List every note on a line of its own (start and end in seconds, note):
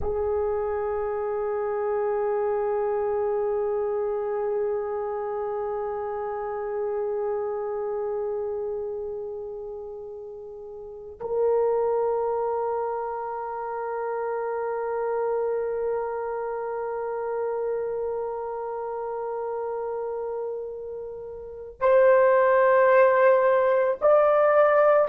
0.00 11.19 G#4
11.20 21.80 A#4
21.80 23.98 C5
24.01 25.08 D5